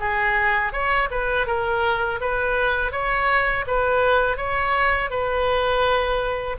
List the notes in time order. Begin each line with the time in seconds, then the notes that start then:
0.00 G#4
0.73 C#5
1.11 B4
1.46 A#4
2.21 B4
2.92 C#5
3.67 B4
4.37 C#5
5.10 B4